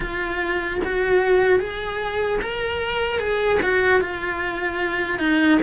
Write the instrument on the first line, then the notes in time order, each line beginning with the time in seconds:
cello
0.00 F4
0.84 F#4
1.59 G#4
2.41 A#4
3.19 G#4
3.62 F#4
4.00 F4
5.19 D#4